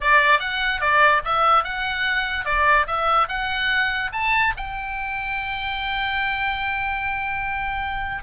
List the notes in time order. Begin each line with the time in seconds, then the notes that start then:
0.01 D5
0.39 F#5
0.80 D5
1.24 E5
1.63 F#5
2.45 D5
2.87 E5
3.28 F#5
4.12 A5
4.56 G5